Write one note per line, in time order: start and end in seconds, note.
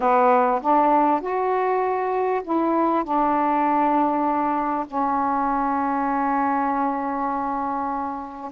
0.00 0.61 B3
0.61 1.20 D4
1.20 2.41 F#4
2.43 3.04 E4
3.04 4.86 D4
4.87 8.51 C#4